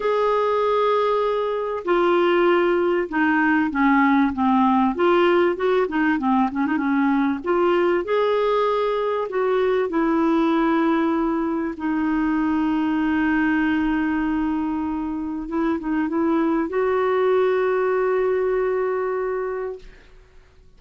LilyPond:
\new Staff \with { instrumentName = "clarinet" } { \time 4/4 \tempo 4 = 97 gis'2. f'4~ | f'4 dis'4 cis'4 c'4 | f'4 fis'8 dis'8 c'8 cis'16 dis'16 cis'4 | f'4 gis'2 fis'4 |
e'2. dis'4~ | dis'1~ | dis'4 e'8 dis'8 e'4 fis'4~ | fis'1 | }